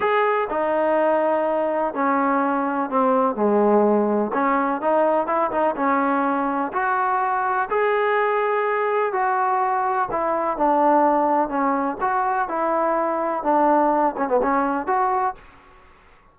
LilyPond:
\new Staff \with { instrumentName = "trombone" } { \time 4/4 \tempo 4 = 125 gis'4 dis'2. | cis'2 c'4 gis4~ | gis4 cis'4 dis'4 e'8 dis'8 | cis'2 fis'2 |
gis'2. fis'4~ | fis'4 e'4 d'2 | cis'4 fis'4 e'2 | d'4. cis'16 b16 cis'4 fis'4 | }